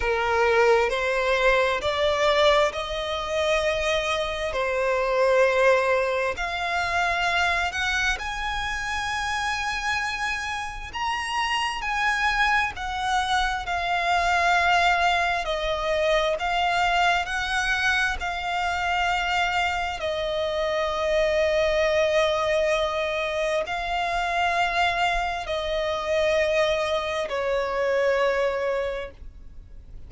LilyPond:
\new Staff \with { instrumentName = "violin" } { \time 4/4 \tempo 4 = 66 ais'4 c''4 d''4 dis''4~ | dis''4 c''2 f''4~ | f''8 fis''8 gis''2. | ais''4 gis''4 fis''4 f''4~ |
f''4 dis''4 f''4 fis''4 | f''2 dis''2~ | dis''2 f''2 | dis''2 cis''2 | }